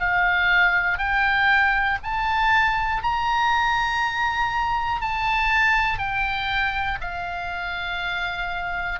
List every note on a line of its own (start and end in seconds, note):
0.00 0.98 F5
0.98 1.98 G5
2.03 3.03 A5
3.03 5.01 A#5
5.01 5.99 A5
5.99 6.99 G5
7.01 9.00 F5